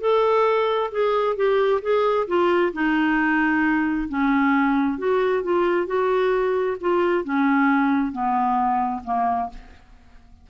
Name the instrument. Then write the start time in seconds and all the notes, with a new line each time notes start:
clarinet
0.00 A4
0.91 G#4
1.36 G4
1.82 G#4
2.27 F4
2.73 D#4
4.08 C#4
4.98 F#4
5.43 F4
5.86 F#4
6.80 F4
7.24 C#4
8.12 B3
9.04 A#3